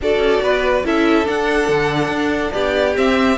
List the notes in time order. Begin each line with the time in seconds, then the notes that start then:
0.01 D4 F#4 A4 D5
0.18 C#4
0.42 B3 B4
0.85 C#4 E4 A4 E5
1.24 D4 F#5
1.68 D3
2.08 D4
2.52 B3 G4 D5
2.95 C4 E5